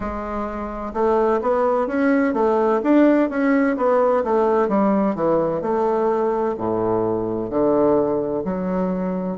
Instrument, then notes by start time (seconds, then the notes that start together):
bassoon
0.00 G#3
0.93 A3
1.41 B3
1.87 C#4
2.34 A3
2.83 D4
3.29 C#4
3.76 B3
4.24 A3
4.68 G3
5.15 E3
5.61 A3
6.57 A2
7.50 D3
8.44 F#3